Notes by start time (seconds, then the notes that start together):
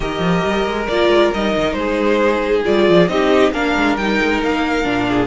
0.00 D#3 G4 A#4 D#5
0.19 F3
0.45 G3
0.66 G#3
0.87 A#3 F4 D5
1.08 G#3
1.33 G3 D#4 D#5
1.56 D#3
1.72 G#3 G#4 C5
2.64 G3 F4 D5
2.89 F3
3.08 C4 D#4 G4 D#5
3.52 A#3 D4 A#4 F5
3.75 G#3
3.96 G3 D#4 G5
4.22 G#3
4.42 A#3 F5
4.83 A#2 D4
5.08 G#4